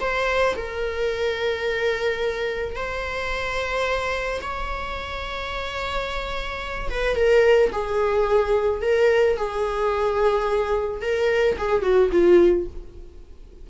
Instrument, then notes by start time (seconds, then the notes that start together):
viola
0.00 C5
0.56 A#4
2.76 C5
4.41 C#5
6.90 B4
7.16 A#4
7.72 G#4
8.82 A#4
9.37 G#4
11.02 A#4
11.58 G#4
11.82 F#4
12.12 F4